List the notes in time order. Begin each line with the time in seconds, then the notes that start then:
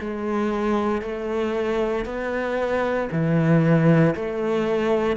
0.00 G#3
1.02 A3
2.05 B3
3.11 E3
4.15 A3